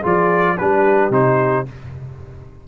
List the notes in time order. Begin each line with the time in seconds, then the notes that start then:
0.00 F3 F4 G#4
0.07 D5
0.58 G3 D4 G4 B4
1.10 C3 D#4 C5